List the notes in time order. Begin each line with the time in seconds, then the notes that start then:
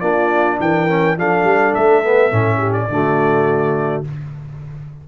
0.00 A#3 D4 F4 D5
0.59 E3 A#4 G5
0.88 C#4
1.17 F3 D4 A4 F5
1.44 G3
1.74 A3 E5
2.04 B3
2.31 A2 C#4
2.57 G4
2.73 D5
2.89 D3 A3 F#4